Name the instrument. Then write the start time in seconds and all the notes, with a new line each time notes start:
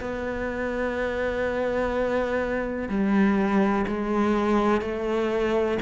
cello
0.00 B3
2.89 G3
3.88 G#3
4.81 A3